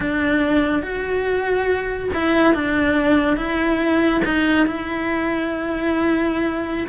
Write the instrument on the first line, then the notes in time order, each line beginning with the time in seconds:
cello
0.00 D4
0.82 F#4
2.14 E4
2.54 D4
3.36 E4
4.24 D#4
4.66 E4